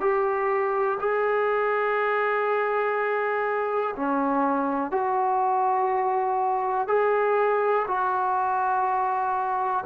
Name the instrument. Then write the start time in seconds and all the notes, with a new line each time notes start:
trombone
0.00 G4
0.99 G#4
3.96 C#4
4.91 F#4
6.87 G#4
7.87 F#4